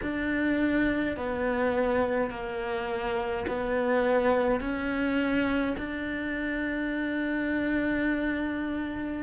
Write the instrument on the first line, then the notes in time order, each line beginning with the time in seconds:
cello
0.02 D4
1.16 B3
2.30 A#3
3.47 B3
4.60 C#4
5.77 D4